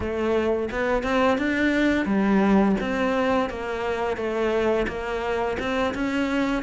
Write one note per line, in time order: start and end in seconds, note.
0.00 0.69 A3
0.71 1.03 B3
1.03 1.38 C4
1.38 2.05 D4
2.05 2.75 G3
2.80 3.49 C4
3.49 4.16 A#3
4.16 4.86 A3
4.87 5.57 A#3
5.59 5.94 C4
5.94 6.62 C#4